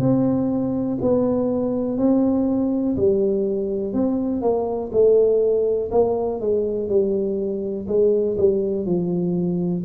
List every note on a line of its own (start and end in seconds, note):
0.00 0.98 C4
1.01 1.98 B3
1.98 2.96 C4
2.97 3.93 G3
3.93 4.42 C4
4.42 4.91 A#3
4.92 5.91 A3
5.92 6.41 A#3
6.41 6.89 G#3
6.89 7.87 G3
7.88 8.37 G#3
8.38 8.86 G3
8.86 9.84 F3